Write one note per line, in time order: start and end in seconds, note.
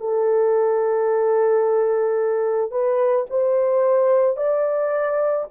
0.00 2.71 A4
2.71 3.26 B4
3.30 4.37 C5
4.37 5.46 D5